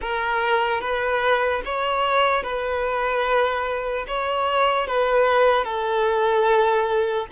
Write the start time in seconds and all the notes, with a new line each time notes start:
0.01 A#4
0.81 B4
1.65 C#5
2.43 B4
4.07 C#5
4.87 B4
5.64 A4